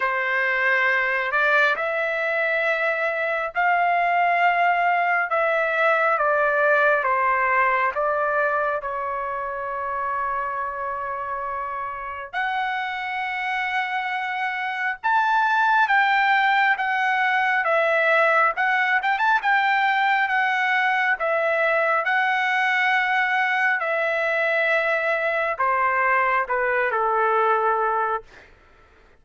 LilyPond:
\new Staff \with { instrumentName = "trumpet" } { \time 4/4 \tempo 4 = 68 c''4. d''8 e''2 | f''2 e''4 d''4 | c''4 d''4 cis''2~ | cis''2 fis''2~ |
fis''4 a''4 g''4 fis''4 | e''4 fis''8 g''16 a''16 g''4 fis''4 | e''4 fis''2 e''4~ | e''4 c''4 b'8 a'4. | }